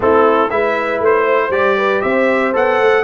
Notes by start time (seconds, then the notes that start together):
0.00 A3 C4 E4 A4
0.50 G#3 E4 B4 E5
1.00 A3 C5
1.25 C5
1.50 G3 G4 D5
1.76 B4
2.01 C4 C5 E5
2.53 B3 A4 F#5
2.80 A3